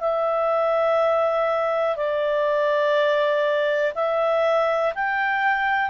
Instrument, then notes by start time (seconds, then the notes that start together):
clarinet
0.00 E5
1.96 D5
3.95 E5
4.94 G5